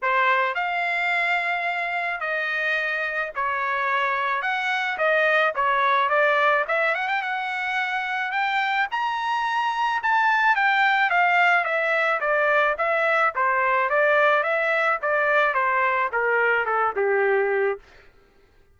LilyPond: \new Staff \with { instrumentName = "trumpet" } { \time 4/4 \tempo 4 = 108 c''4 f''2. | dis''2 cis''2 | fis''4 dis''4 cis''4 d''4 | e''8 fis''16 g''16 fis''2 g''4 |
ais''2 a''4 g''4 | f''4 e''4 d''4 e''4 | c''4 d''4 e''4 d''4 | c''4 ais'4 a'8 g'4. | }